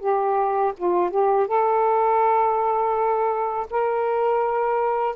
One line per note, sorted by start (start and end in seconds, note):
0.00 0.73 G4
0.77 1.10 F4
1.10 1.47 G4
1.47 3.67 A4
3.70 5.16 A#4